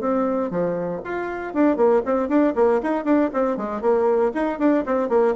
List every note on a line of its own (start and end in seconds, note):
0.00 0.50 C4
0.50 1.01 F3
1.04 1.54 F4
1.54 1.76 D4
1.76 2.02 A#3
2.05 2.28 C4
2.28 2.54 D4
2.55 2.81 A#3
2.82 3.05 D#4
3.05 3.30 D4
3.33 3.57 C4
3.57 3.81 G#3
3.81 4.32 A#3
4.34 4.59 D#4
4.59 4.84 D4
4.86 5.09 C4
5.09 5.34 A#3